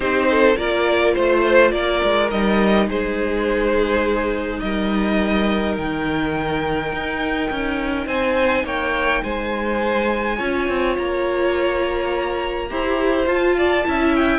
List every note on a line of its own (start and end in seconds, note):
0.00 0.56 C4
0.00 0.55 D#4
0.00 0.28 G4
0.00 0.56 C5
0.30 0.57 A4
0.56 1.15 A#3
0.56 2.30 F4
0.56 1.14 A#4
0.56 1.14 D5
1.14 1.72 A3
1.14 1.71 C5
1.71 2.01 A#3
1.71 2.86 A#4
1.71 2.29 D5
2.03 2.32 G#3
2.30 2.87 G3
2.30 10.38 D#4
2.30 2.88 D#5
2.86 4.60 G#3
2.86 4.59 G#4
2.86 4.59 C5
4.59 5.77 G3
4.59 8.06 A#4
4.59 5.75 D#5
5.77 6.92 D#3
5.77 8.07 G5
6.92 7.50 D#4
7.50 8.06 C#4
8.06 8.63 C4
8.06 8.64 C5
8.06 8.65 G#5
8.63 9.21 A#3
8.63 9.23 C#5
8.63 9.23 G5
9.23 10.39 G#3
9.23 10.36 C5
9.23 10.96 G#5
10.36 10.68 C#4
10.36 12.68 F4
10.36 12.67 C#5
10.68 10.97 C4
10.97 12.70 A#3
10.97 13.27 A#5
12.69 13.26 E4
12.69 13.27 G4
12.69 13.56 C5
13.26 13.84 F4
13.26 14.14 A5
13.57 13.86 D5
13.84 14.38 C#4
13.84 14.38 E4
13.84 14.38 E5
14.15 14.38 G5